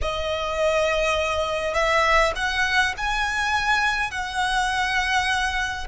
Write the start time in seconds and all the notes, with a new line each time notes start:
0.01 D#5
1.74 E5
2.35 F#5
2.97 G#5
4.10 F#5